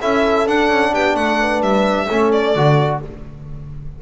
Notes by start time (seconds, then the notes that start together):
0.00 C#4 E4 A4 E5
0.46 D4 F#5
0.70 C#4
0.93 B3 G4 G5
1.15 A3 A4 F#5
1.41 B4
1.61 G3 E5
2.07 A3 C#4 A4
2.32 D5
2.56 D3 F#4